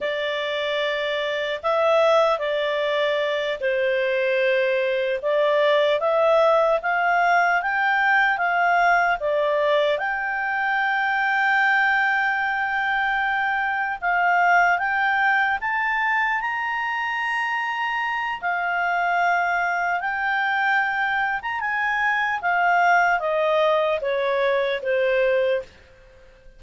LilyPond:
\new Staff \with { instrumentName = "clarinet" } { \time 4/4 \tempo 4 = 75 d''2 e''4 d''4~ | d''8 c''2 d''4 e''8~ | e''8 f''4 g''4 f''4 d''8~ | d''8 g''2.~ g''8~ |
g''4. f''4 g''4 a''8~ | a''8 ais''2~ ais''8 f''4~ | f''4 g''4.~ g''16 ais''16 gis''4 | f''4 dis''4 cis''4 c''4 | }